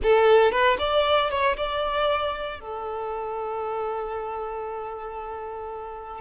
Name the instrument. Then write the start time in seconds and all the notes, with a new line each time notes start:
violin
0.03 A4
0.51 B4
0.78 D5
1.30 C#5
1.57 D5
2.60 A4